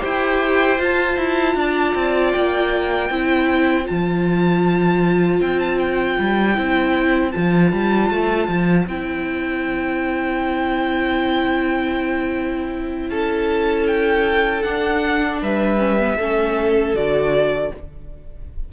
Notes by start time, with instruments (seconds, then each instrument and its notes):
0.00 cello E4, viola G4, violin C5 G5
0.79 viola F4, cello F4, violin A5
1.17 cello E4
1.56 cello D4, violin D5
1.95 cello C4
2.32 cello A#3, violin G5
3.09 cello C4, viola E4, violin C5
3.84 viola F4, violin A5
3.90 cello F3
5.41 cello C4, violin G5
5.60 violin A5
5.79 violin G5
6.19 cello G3
6.55 cello C4, viola E4
7.32 cello F3, viola F4, violin A5
7.73 cello G3
8.10 cello A3
8.48 cello F3
8.87 cello C4, viola E4, violin G5
13.10 cello C#4, violin A4 A5
13.87 violin G5
14.63 viola D4, cello D4, violin F#5
15.42 cello G3, violin B4 E5
15.79 viola C#4
16.00 viola B3
16.17 cello A3, viola C#4, violin A4
16.94 cello D3, viola F#4, violin D5